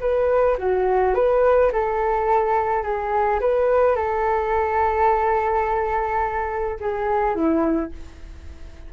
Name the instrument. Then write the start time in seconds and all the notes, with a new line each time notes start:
flute
0.00 B4
0.58 F#4
1.14 B4
1.72 A4
2.83 G#4
3.40 B4
3.95 A4
6.80 G#4
7.35 E4